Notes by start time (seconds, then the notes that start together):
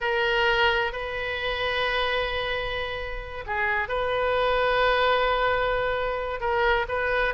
0.01 A#4
0.92 B4
3.46 G#4
3.88 B4
6.40 A#4
6.88 B4